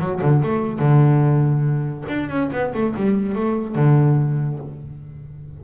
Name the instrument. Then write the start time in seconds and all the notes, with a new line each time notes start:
double bass
0.00 F#3
0.22 D3
0.43 A3
0.79 D3
2.09 D4
2.30 C#4
2.52 B3
2.74 A3
2.96 G3
3.36 A3
3.76 D3